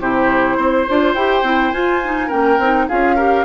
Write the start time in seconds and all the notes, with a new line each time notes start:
0.00 C3 E4 G4 C5
0.57 C4 C5
0.88 D4 F4
1.14 E4 G4 G5
1.42 C4 E4
1.71 F4 G#5
2.03 D#4
2.27 A#3 C#4 A#4 G5
2.58 C4 D#4
2.88 C#4 F4 G#4 F5
3.15 G4 A#4